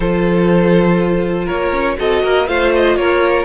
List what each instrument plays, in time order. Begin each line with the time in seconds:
0.00 cello F3, viola F4, violin A4 C5
1.45 cello A#3, violin A#4 C#5
1.72 cello C#4
1.97 cello C4, viola F#4, violin A4 D#5
2.23 cello A#3, violin A#4
2.47 cello A3, viola F4, violin C5 F5
2.75 violin D#5
2.96 cello A#3, violin A#4 C#5